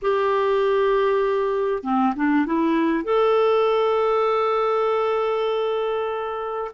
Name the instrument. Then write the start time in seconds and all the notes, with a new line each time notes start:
clarinet
0.02 G4
1.83 C4
2.15 D4
2.46 E4
3.04 A4